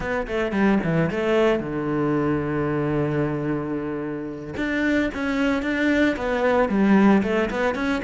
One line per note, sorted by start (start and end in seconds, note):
0.00 0.27 B3
0.27 0.52 A3
0.52 0.78 G3
0.83 1.10 E3
1.10 1.59 A3
1.59 4.54 D3
4.56 5.10 D4
5.14 5.62 C#4
5.62 6.16 D4
6.16 6.68 B3
6.68 7.22 G3
7.22 7.49 A3
7.50 7.75 B3
7.75 8.01 C#4